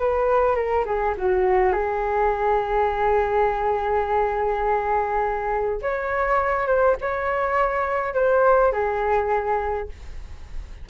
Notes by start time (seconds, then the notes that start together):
0.00 B4
0.56 A#4
0.86 G#4
1.18 F#4
1.73 G#4
5.82 C#5
6.68 C5
7.02 C#5
8.15 C5
8.73 G#4